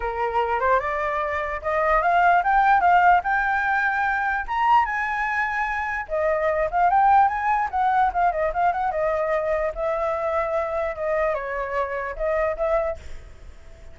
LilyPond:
\new Staff \with { instrumentName = "flute" } { \time 4/4 \tempo 4 = 148 ais'4. c''8 d''2 | dis''4 f''4 g''4 f''4 | g''2. ais''4 | gis''2. dis''4~ |
dis''8 f''8 g''4 gis''4 fis''4 | f''8 dis''8 f''8 fis''8 dis''2 | e''2. dis''4 | cis''2 dis''4 e''4 | }